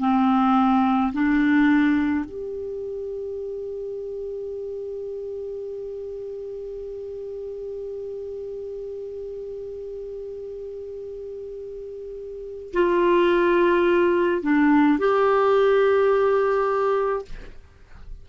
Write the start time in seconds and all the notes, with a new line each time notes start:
0.00 C4
1.13 D4
2.25 G4
12.74 F4
14.43 D4
14.99 G4